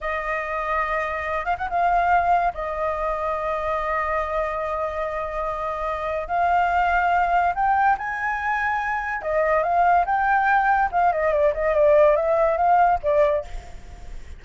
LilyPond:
\new Staff \with { instrumentName = "flute" } { \time 4/4 \tempo 4 = 143 dis''2.~ dis''8 f''16 fis''16 | f''2 dis''2~ | dis''1~ | dis''2. f''4~ |
f''2 g''4 gis''4~ | gis''2 dis''4 f''4 | g''2 f''8 dis''8 d''8 dis''8 | d''4 e''4 f''4 d''4 | }